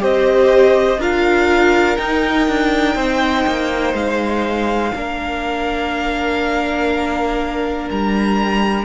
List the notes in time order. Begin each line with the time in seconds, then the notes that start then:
0.00 C4 G4 C5 D#5
0.98 D4 F4 A#4 F5
1.97 D#4 G5
2.48 D4
2.95 C4 C5
3.47 A#3
3.93 G#3 F5
4.95 A#3 D4 A#4
7.91 G3 A#5